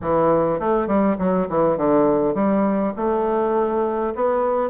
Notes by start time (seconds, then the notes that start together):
0.01 E3
0.59 A3
0.87 G3
1.18 F#3
1.49 E3
1.77 D3
2.34 G3
2.96 A3
4.15 B3